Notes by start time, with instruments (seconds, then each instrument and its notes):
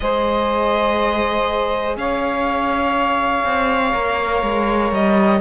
0.00 cello G#3 G#4, saxophone C5, violin D#5
1.96 cello C#4, saxophone C#5, violin F5
3.44 cello C4
3.92 cello A#3 A#4
4.42 cello G#3
4.91 cello G3, violin D#5